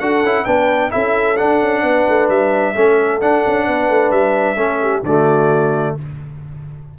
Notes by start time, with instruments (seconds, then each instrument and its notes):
0.00 tuba D4, trombone F#4, horn A4, trumpet F#5
0.24 tuba C#4, trombone E4
0.45 tuba B3, trombone D4, horn B4, trumpet G5
0.91 tuba C#4, trombone E4, horn A4, trumpet E5
1.37 trombone D4, tuba D4, trumpet F#5
1.61 tuba C#4
1.83 tuba B3, horn B4
2.09 tuba A3
2.29 tuba G3, trumpet E5
2.75 tuba A3, trombone C#4, horn A4
3.21 tuba D4, trombone D4, trumpet F#5
3.47 tuba C#4
3.66 tuba B3, horn B4
3.89 tuba A3
4.11 tuba G3, trumpet E5
4.56 tuba A3, trombone C#4, horn A4
4.82 horn G4
5.03 tuba D3, trombone A3, horn F#4, trumpet D5